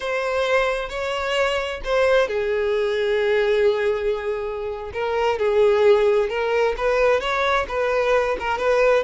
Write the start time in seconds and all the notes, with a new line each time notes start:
0.00 C5
0.89 C#5
1.84 C5
2.28 G#4
4.93 A#4
5.38 G#4
6.29 A#4
6.77 B4
7.20 C#5
7.68 B4
8.39 A#4
8.58 B4